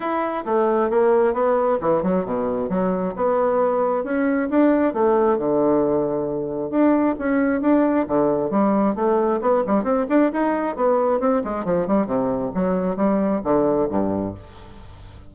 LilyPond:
\new Staff \with { instrumentName = "bassoon" } { \time 4/4 \tempo 4 = 134 e'4 a4 ais4 b4 | e8 fis8 b,4 fis4 b4~ | b4 cis'4 d'4 a4 | d2. d'4 |
cis'4 d'4 d4 g4 | a4 b8 g8 c'8 d'8 dis'4 | b4 c'8 gis8 f8 g8 c4 | fis4 g4 d4 g,4 | }